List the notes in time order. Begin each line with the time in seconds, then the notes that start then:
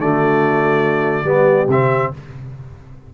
0.00 D3 A3 F#4 D5
1.24 G3 B3 G4
1.67 C3 C4 E5